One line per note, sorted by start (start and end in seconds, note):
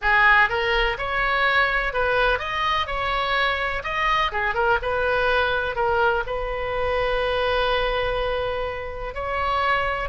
0.01 0.49 G#4
0.49 0.97 A#4
0.98 1.93 C#5
1.93 2.38 B4
2.38 2.86 D#5
2.86 3.82 C#5
3.83 4.31 D#5
4.32 4.54 G#4
4.54 4.78 A#4
4.82 5.75 B4
5.75 6.23 A#4
6.26 9.14 B4
9.14 10.09 C#5